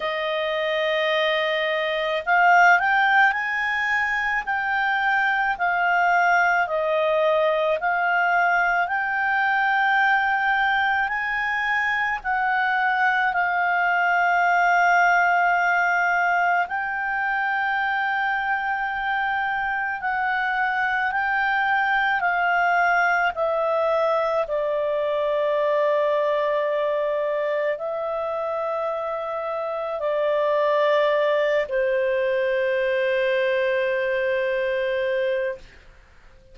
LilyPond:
\new Staff \with { instrumentName = "clarinet" } { \time 4/4 \tempo 4 = 54 dis''2 f''8 g''8 gis''4 | g''4 f''4 dis''4 f''4 | g''2 gis''4 fis''4 | f''2. g''4~ |
g''2 fis''4 g''4 | f''4 e''4 d''2~ | d''4 e''2 d''4~ | d''8 c''2.~ c''8 | }